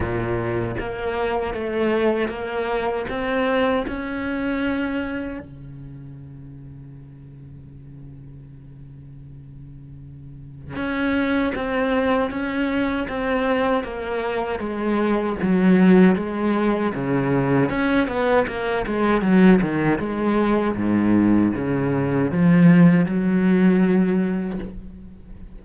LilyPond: \new Staff \with { instrumentName = "cello" } { \time 4/4 \tempo 4 = 78 ais,4 ais4 a4 ais4 | c'4 cis'2 cis4~ | cis1~ | cis2 cis'4 c'4 |
cis'4 c'4 ais4 gis4 | fis4 gis4 cis4 cis'8 b8 | ais8 gis8 fis8 dis8 gis4 gis,4 | cis4 f4 fis2 | }